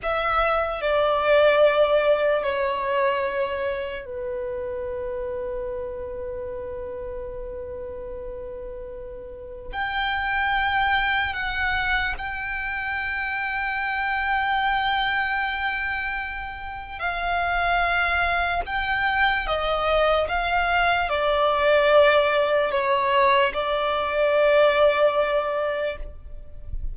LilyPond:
\new Staff \with { instrumentName = "violin" } { \time 4/4 \tempo 4 = 74 e''4 d''2 cis''4~ | cis''4 b'2.~ | b'1 | g''2 fis''4 g''4~ |
g''1~ | g''4 f''2 g''4 | dis''4 f''4 d''2 | cis''4 d''2. | }